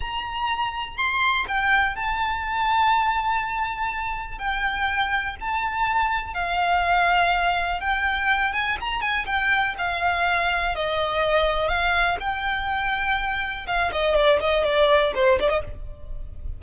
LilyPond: \new Staff \with { instrumentName = "violin" } { \time 4/4 \tempo 4 = 123 ais''2 c'''4 g''4 | a''1~ | a''4 g''2 a''4~ | a''4 f''2. |
g''4. gis''8 ais''8 gis''8 g''4 | f''2 dis''2 | f''4 g''2. | f''8 dis''8 d''8 dis''8 d''4 c''8 d''16 dis''16 | }